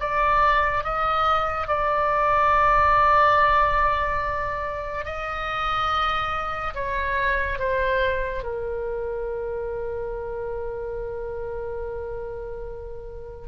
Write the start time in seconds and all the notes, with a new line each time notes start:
0.00 D5
0.84 D#5
1.68 D5
5.05 D#5
6.75 C#5
7.59 C5
8.44 A#4